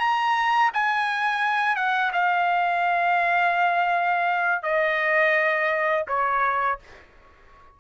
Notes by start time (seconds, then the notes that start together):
0.00 A#5
0.74 G#5
1.76 F#5
2.13 F5
4.63 D#5
6.08 C#5